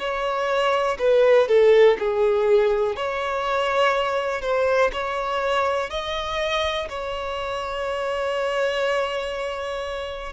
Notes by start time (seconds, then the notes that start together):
0.00 C#5
0.99 B4
1.48 A4
1.99 G#4
2.96 C#5
4.42 C5
4.93 C#5
5.91 D#5
6.89 C#5